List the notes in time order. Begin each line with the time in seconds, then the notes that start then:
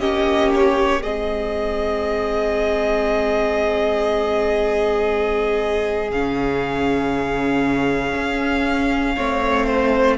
0.00 A#3 C#4 G4 D#5
0.54 C#5
1.02 G#3 C4 G#4 D#5
6.11 C#3 C#4 F5
8.15 C#4
9.16 A3 C4 C#5
9.66 C5